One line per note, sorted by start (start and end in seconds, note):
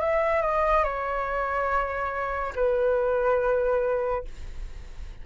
0.00 0.41 E5
0.41 0.83 D#5
0.83 2.52 C#5
2.55 4.24 B4